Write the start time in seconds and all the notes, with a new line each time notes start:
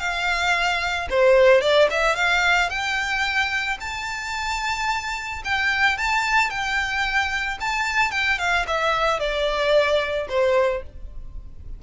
0.00 F5
1.11 C5
1.62 D5
1.91 E5
2.16 F5
2.70 G5
3.81 A5
5.45 G5
5.98 A5
6.50 G5
7.61 A5
8.12 G5
8.39 F5
8.68 E5
9.20 D5
10.29 C5